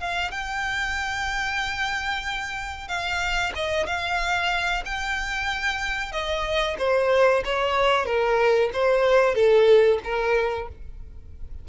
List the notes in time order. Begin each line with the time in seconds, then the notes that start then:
0.00 F5
0.31 G5
2.88 F5
3.55 D#5
3.86 F5
4.85 G5
6.12 D#5
6.78 C5
7.45 C#5
8.05 A#4
8.73 C5
9.35 A4
10.04 A#4